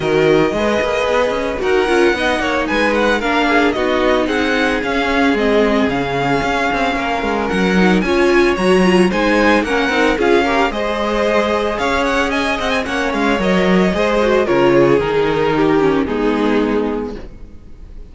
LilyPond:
<<
  \new Staff \with { instrumentName = "violin" } { \time 4/4 \tempo 4 = 112 dis''2. fis''4~ | fis''4 gis''8 fis''8 f''4 dis''4 | fis''4 f''4 dis''4 f''4~ | f''2 fis''4 gis''4 |
ais''4 gis''4 fis''4 f''4 | dis''2 f''8 fis''8 gis''8 fis''16 gis''16 | fis''8 f''8 dis''2 cis''4 | ais'2 gis'2 | }
  \new Staff \with { instrumentName = "violin" } { \time 4/4 ais'4 b'2 ais'4 | dis''8 cis''8 b'4 ais'8 gis'8 fis'4 | gis'1~ | gis'4 ais'2 cis''4~ |
cis''4 c''4 ais'4 gis'8 ais'8 | c''2 cis''4 dis''4 | cis''2 c''4 ais'8 gis'8~ | gis'4 g'4 dis'2 | }
  \new Staff \with { instrumentName = "viola" } { \time 4/4 fis'4 gis'2 fis'8 f'8 | dis'2 d'4 dis'4~ | dis'4 cis'4 c'4 cis'4~ | cis'2~ cis'8 dis'8 f'4 |
fis'8 f'8 dis'4 cis'8 dis'8 f'8 g'8 | gis'1 | cis'4 ais'4 gis'8 fis'8 f'4 | dis'4. cis'8 b2 | }
  \new Staff \with { instrumentName = "cello" } { \time 4/4 dis4 gis8 ais8 b8 cis'8 dis'8 cis'8 | b8 ais8 gis4 ais4 b4 | c'4 cis'4 gis4 cis4 | cis'8 c'8 ais8 gis8 fis4 cis'4 |
fis4 gis4 ais8 c'8 cis'4 | gis2 cis'4. c'8 | ais8 gis8 fis4 gis4 cis4 | dis2 gis2 | }
>>